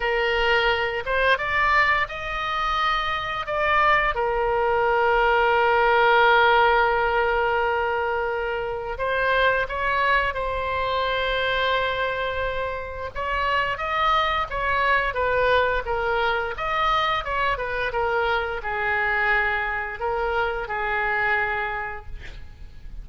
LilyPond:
\new Staff \with { instrumentName = "oboe" } { \time 4/4 \tempo 4 = 87 ais'4. c''8 d''4 dis''4~ | dis''4 d''4 ais'2~ | ais'1~ | ais'4 c''4 cis''4 c''4~ |
c''2. cis''4 | dis''4 cis''4 b'4 ais'4 | dis''4 cis''8 b'8 ais'4 gis'4~ | gis'4 ais'4 gis'2 | }